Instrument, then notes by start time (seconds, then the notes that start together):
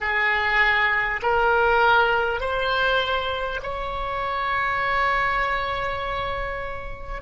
oboe
0.00 G#4
1.22 A#4
2.40 C5
3.62 C#5